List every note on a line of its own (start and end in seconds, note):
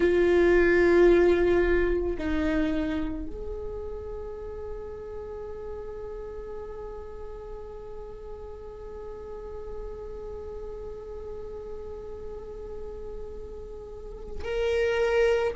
0.00 2.17 F4
2.18 3.27 D#4
3.27 14.44 G#4
14.44 15.53 A#4